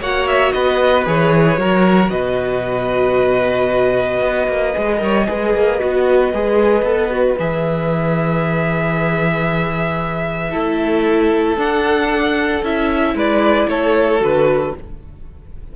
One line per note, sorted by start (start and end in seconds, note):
0.00 0.53 A#3
0.00 1.05 F#4
0.00 0.53 C#5
0.00 0.27 F#5
0.27 0.52 E5
0.52 1.06 B3
0.52 1.59 B4
0.52 1.04 D#5
1.05 1.57 E3
1.05 1.57 G#4
1.05 2.10 C#5
1.57 2.10 F#3
1.57 4.73 F#4
1.57 2.11 A#4
2.10 4.21 B2
2.10 5.00 B4
2.10 7.36 D#5
4.21 4.47 B3
4.47 4.74 A#3
4.74 5.01 G#3
4.74 4.97 G#4
4.97 5.27 G3
4.97 5.23 A#4
4.97 5.28 C#5
5.27 5.54 G#3
5.27 5.79 G#4
5.27 10.50 B4
5.54 5.80 A#3
5.79 6.33 B3
5.79 6.31 F#4
6.33 6.82 G#3
6.33 6.85 G#4
6.82 7.35 B3
6.82 7.10 A4
7.10 7.37 F#4
7.39 10.54 E3
7.39 10.51 G#4
7.39 11.59 E5
10.50 11.56 A3
10.50 11.57 E4
10.50 13.13 A4
11.56 12.62 D4
11.56 12.63 D4
11.56 12.64 F#5
12.62 13.14 C#4
12.62 14.19 E4
12.62 13.17 E5
13.14 13.67 G#3
13.14 13.68 B4
13.14 13.69 D5
13.68 14.20 A3
13.68 14.75 A4
13.68 14.21 C#5
14.19 14.73 D3
14.19 14.71 F#4
14.19 14.76 B4